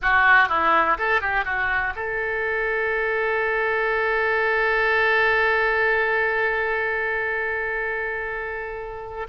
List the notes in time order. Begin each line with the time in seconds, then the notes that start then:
0.02 F#4
0.48 E4
0.98 A4
1.21 G4
1.45 F#4
1.95 A4